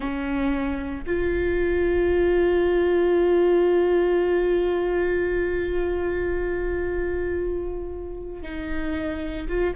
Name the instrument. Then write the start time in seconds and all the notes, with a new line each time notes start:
viola
0.00 C#4
1.06 F4
8.42 D#4
9.47 F4